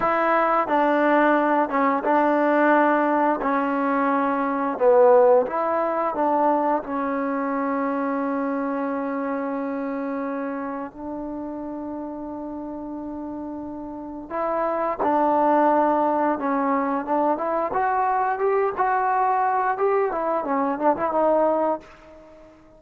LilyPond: \new Staff \with { instrumentName = "trombone" } { \time 4/4 \tempo 4 = 88 e'4 d'4. cis'8 d'4~ | d'4 cis'2 b4 | e'4 d'4 cis'2~ | cis'1 |
d'1~ | d'4 e'4 d'2 | cis'4 d'8 e'8 fis'4 g'8 fis'8~ | fis'4 g'8 e'8 cis'8 d'16 e'16 dis'4 | }